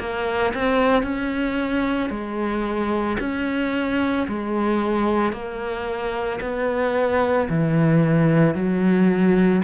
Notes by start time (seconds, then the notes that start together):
0.00 A#3
0.55 C4
1.03 C#4
2.10 G#3
3.20 C#4
4.28 G#3
5.33 A#3
6.41 B3
7.50 E3
8.55 F#3